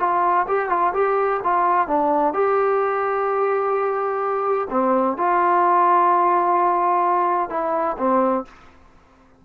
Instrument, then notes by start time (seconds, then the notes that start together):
trombone
0.00 F4
0.48 G4
0.70 F4
0.94 G4
1.44 F4
1.88 D4
2.34 G4
4.71 C4
5.18 F4
7.50 E4
7.98 C4